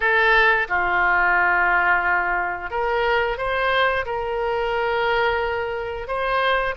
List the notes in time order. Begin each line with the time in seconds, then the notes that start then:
0.00 A4
0.68 F4
2.70 A#4
3.37 C5
4.05 A#4
6.07 C5